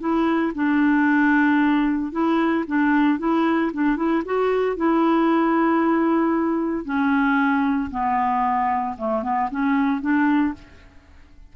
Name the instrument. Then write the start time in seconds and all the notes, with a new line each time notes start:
clarinet
0.00 E4
0.55 D4
2.12 E4
2.67 D4
3.19 E4
3.73 D4
3.97 E4
4.25 F#4
4.77 E4
6.85 C#4
7.91 B3
8.98 A3
9.23 B3
9.51 C#4
10.01 D4